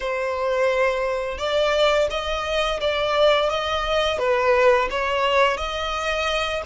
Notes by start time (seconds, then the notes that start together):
0.00 C5
1.38 D5
2.10 D#5
2.80 D5
3.49 D#5
4.18 B4
4.90 C#5
5.57 D#5